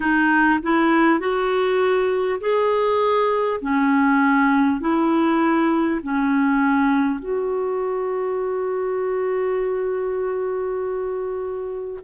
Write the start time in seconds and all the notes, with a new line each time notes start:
0.00 D#4
0.62 E4
1.19 F#4
2.40 G#4
3.61 C#4
4.80 E4
6.02 C#4
7.19 F#4